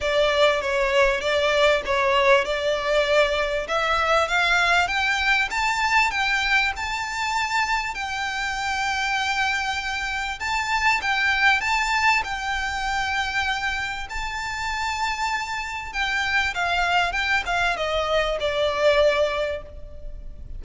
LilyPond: \new Staff \with { instrumentName = "violin" } { \time 4/4 \tempo 4 = 98 d''4 cis''4 d''4 cis''4 | d''2 e''4 f''4 | g''4 a''4 g''4 a''4~ | a''4 g''2.~ |
g''4 a''4 g''4 a''4 | g''2. a''4~ | a''2 g''4 f''4 | g''8 f''8 dis''4 d''2 | }